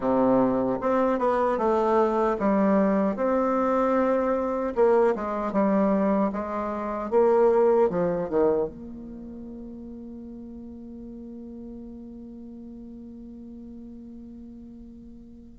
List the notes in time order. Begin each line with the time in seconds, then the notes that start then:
0.00 C3
0.80 C4
1.18 B3
1.58 A3
2.39 G3
3.16 C4
4.75 A#3
5.15 G#3
5.52 G3
6.32 G#3
7.10 A#3
7.89 F3
8.29 D#3
8.68 A#3